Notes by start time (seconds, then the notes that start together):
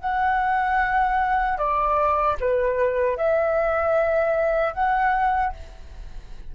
0.00 F#5
1.58 D5
2.40 B4
3.17 E5
4.74 F#5